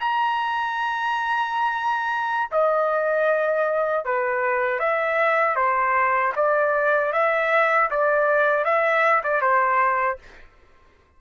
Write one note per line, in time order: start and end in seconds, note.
0.00 2.50 A#5
2.51 4.05 D#5
4.05 4.79 B4
4.79 5.56 E5
5.56 6.33 C5
6.36 7.13 D5
7.13 7.90 E5
7.91 8.64 D5
8.64 9.22 E5
9.23 9.42 D5
9.42 10.19 C5